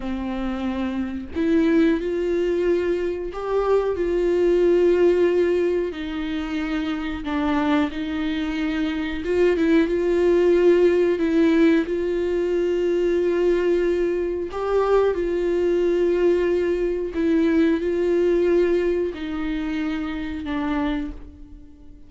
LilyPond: \new Staff \with { instrumentName = "viola" } { \time 4/4 \tempo 4 = 91 c'2 e'4 f'4~ | f'4 g'4 f'2~ | f'4 dis'2 d'4 | dis'2 f'8 e'8 f'4~ |
f'4 e'4 f'2~ | f'2 g'4 f'4~ | f'2 e'4 f'4~ | f'4 dis'2 d'4 | }